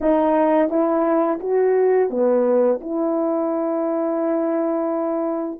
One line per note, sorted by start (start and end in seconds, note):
0.00 0.69 D#4
0.69 1.39 E4
1.40 2.09 F#4
2.10 2.79 B3
2.81 5.60 E4